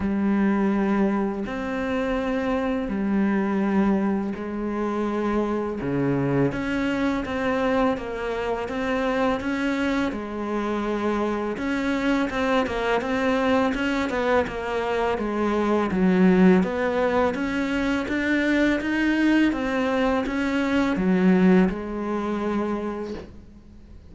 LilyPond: \new Staff \with { instrumentName = "cello" } { \time 4/4 \tempo 4 = 83 g2 c'2 | g2 gis2 | cis4 cis'4 c'4 ais4 | c'4 cis'4 gis2 |
cis'4 c'8 ais8 c'4 cis'8 b8 | ais4 gis4 fis4 b4 | cis'4 d'4 dis'4 c'4 | cis'4 fis4 gis2 | }